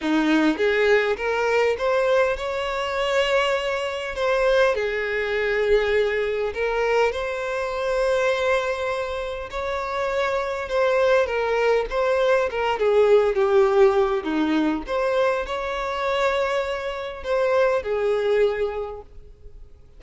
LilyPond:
\new Staff \with { instrumentName = "violin" } { \time 4/4 \tempo 4 = 101 dis'4 gis'4 ais'4 c''4 | cis''2. c''4 | gis'2. ais'4 | c''1 |
cis''2 c''4 ais'4 | c''4 ais'8 gis'4 g'4. | dis'4 c''4 cis''2~ | cis''4 c''4 gis'2 | }